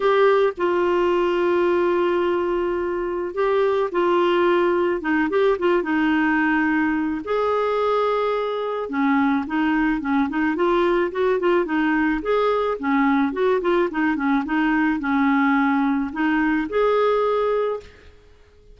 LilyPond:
\new Staff \with { instrumentName = "clarinet" } { \time 4/4 \tempo 4 = 108 g'4 f'2.~ | f'2 g'4 f'4~ | f'4 dis'8 g'8 f'8 dis'4.~ | dis'4 gis'2. |
cis'4 dis'4 cis'8 dis'8 f'4 | fis'8 f'8 dis'4 gis'4 cis'4 | fis'8 f'8 dis'8 cis'8 dis'4 cis'4~ | cis'4 dis'4 gis'2 | }